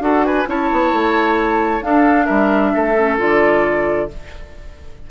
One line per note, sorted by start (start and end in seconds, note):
0.00 0.45 D4
0.00 0.45 F#4
0.00 0.26 A4
0.00 0.25 F#5
0.25 0.48 B4
0.25 0.47 G#5
0.46 0.71 C#4
0.46 1.81 E4
0.46 1.85 C#5
0.46 1.83 A5
0.72 0.93 B3
0.93 1.82 A3
1.81 2.94 D4
1.81 2.27 D4
1.81 2.26 A4
1.81 2.26 F5
2.26 2.74 G3
2.26 2.71 A#4
2.26 3.16 E5
2.74 3.19 A3
2.74 4.09 A4
2.97 3.18 C#4
3.18 4.09 D3
3.18 4.09 F4
3.18 4.11 D5